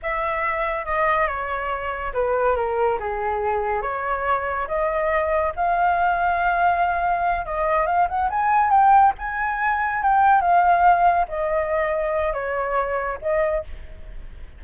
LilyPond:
\new Staff \with { instrumentName = "flute" } { \time 4/4 \tempo 4 = 141 e''2 dis''4 cis''4~ | cis''4 b'4 ais'4 gis'4~ | gis'4 cis''2 dis''4~ | dis''4 f''2.~ |
f''4. dis''4 f''8 fis''8 gis''8~ | gis''8 g''4 gis''2 g''8~ | g''8 f''2 dis''4.~ | dis''4 cis''2 dis''4 | }